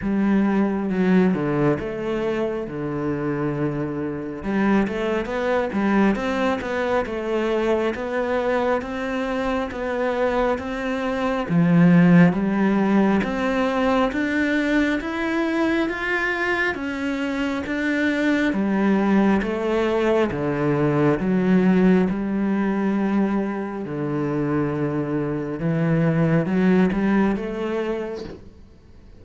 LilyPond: \new Staff \with { instrumentName = "cello" } { \time 4/4 \tempo 4 = 68 g4 fis8 d8 a4 d4~ | d4 g8 a8 b8 g8 c'8 b8 | a4 b4 c'4 b4 | c'4 f4 g4 c'4 |
d'4 e'4 f'4 cis'4 | d'4 g4 a4 d4 | fis4 g2 d4~ | d4 e4 fis8 g8 a4 | }